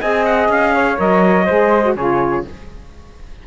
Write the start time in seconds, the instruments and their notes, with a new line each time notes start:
0.00 cello C4, saxophone G#4, flute D#5, trumpet G#5
0.25 trumpet F#5
0.48 cello C#4, trumpet F5
0.74 flute C#5
0.96 cello F#3, saxophone A#4, trumpet D#5
1.46 cello G#3, saxophone G#4, flute C5
1.83 saxophone F#4
1.96 cello C#3, saxophone F4, flute G#4, trumpet C#5